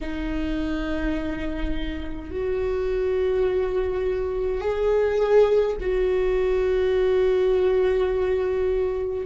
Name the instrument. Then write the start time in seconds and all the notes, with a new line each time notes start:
viola
0.01 D#4
2.31 F#4
4.60 G#4
5.80 F#4